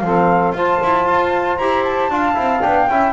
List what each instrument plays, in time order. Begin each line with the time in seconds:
0.00 double bass F3, trombone C4, saxophone A4, flute F5
0.53 double bass F4, trombone F4, saxophone C5, flute A5
0.83 double bass E4
1.06 double bass F4
1.57 double bass E4, trombone G4, flute A#5
1.84 flute A5
2.10 double bass D4, trombone F4, saxophone F5
2.34 double bass C4, trombone E4
2.62 double bass B3, trombone D4, flute G5
2.89 double bass C#4, trombone E4, saxophone E5